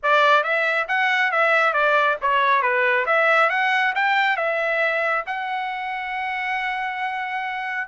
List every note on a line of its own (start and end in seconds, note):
0.02 0.43 D5
0.43 0.87 E5
0.88 1.31 F#5
1.31 1.73 E5
1.73 2.16 D5
2.21 2.62 C#5
2.62 3.05 B4
3.06 3.49 E5
3.49 3.93 F#5
3.95 4.37 G5
4.37 5.24 E5
5.26 7.88 F#5